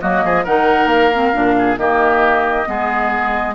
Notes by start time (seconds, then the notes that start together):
0.00 F#3 A#3 F#4 D#5
0.24 F3 G#4
0.44 D#3 D#4 A#4 F#5
0.85 A#3 F5
1.12 C4
1.33 A#2 D4
1.58 G#4
1.77 D#3 A#3 G4 D#5
2.65 G#3 B3 G#4